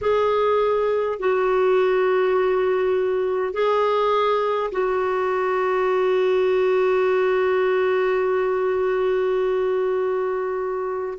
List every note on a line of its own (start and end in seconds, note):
0.01 1.19 G#4
1.19 3.53 F#4
3.53 4.71 G#4
4.71 11.18 F#4